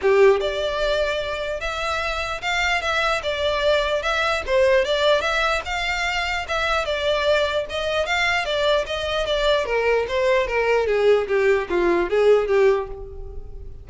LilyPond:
\new Staff \with { instrumentName = "violin" } { \time 4/4 \tempo 4 = 149 g'4 d''2. | e''2 f''4 e''4 | d''2 e''4 c''4 | d''4 e''4 f''2 |
e''4 d''2 dis''4 | f''4 d''4 dis''4 d''4 | ais'4 c''4 ais'4 gis'4 | g'4 f'4 gis'4 g'4 | }